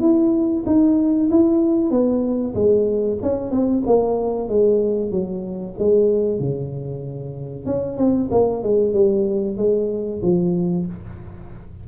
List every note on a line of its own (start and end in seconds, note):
0.00 0.64 E4
0.66 1.30 D#4
1.31 1.91 E4
1.91 2.54 B3
2.54 3.19 G#3
3.22 3.51 C#4
3.51 3.83 C4
3.86 4.49 A#3
4.49 5.11 G#3
5.11 5.75 F#3
5.79 6.39 G#3
6.39 7.66 C#3
7.66 7.97 C#4
7.97 8.29 C4
8.31 8.63 A#3
8.63 8.93 G#3
8.93 9.57 G3
9.57 10.21 G#3
10.22 10.86 F3